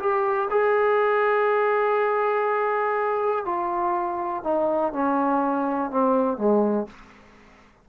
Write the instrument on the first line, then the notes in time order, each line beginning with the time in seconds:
trombone
0.00 G4
0.51 G#4
3.46 F4
4.44 D#4
4.93 C#4
5.91 C4
6.38 G#3